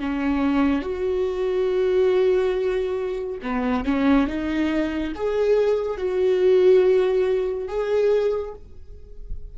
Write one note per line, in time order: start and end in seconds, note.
0.00 0.82 C#4
0.82 3.39 F#4
3.42 3.85 B3
3.85 4.27 C#4
4.27 5.13 D#4
5.15 5.97 G#4
5.97 7.68 F#4
7.68 8.54 G#4